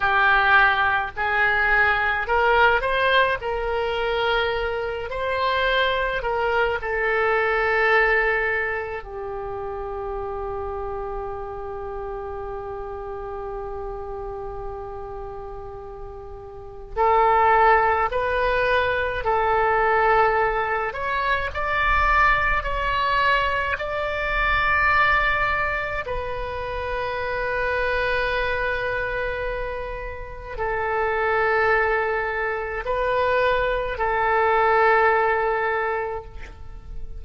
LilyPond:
\new Staff \with { instrumentName = "oboe" } { \time 4/4 \tempo 4 = 53 g'4 gis'4 ais'8 c''8 ais'4~ | ais'8 c''4 ais'8 a'2 | g'1~ | g'2. a'4 |
b'4 a'4. cis''8 d''4 | cis''4 d''2 b'4~ | b'2. a'4~ | a'4 b'4 a'2 | }